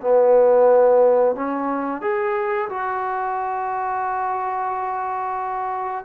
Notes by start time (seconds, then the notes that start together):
0.00 B3
1.35 C#4
2.01 G#4
2.69 F#4